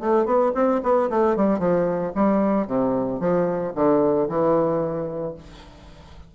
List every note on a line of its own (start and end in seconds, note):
0.00 0.26 A3
0.26 0.52 B3
0.55 0.82 C4
0.83 1.10 B3
1.10 1.37 A3
1.37 1.59 G3
1.59 2.12 F3
2.16 2.67 G3
2.67 3.20 C3
3.20 3.73 F3
3.76 4.29 D3
4.29 5.35 E3